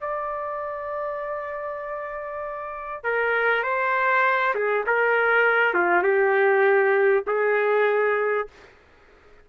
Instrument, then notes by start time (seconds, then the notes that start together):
trumpet
0.00 D5
3.03 A#4
3.63 C5
4.54 G#4
4.86 A#4
5.73 F4
6.02 G4
7.26 G#4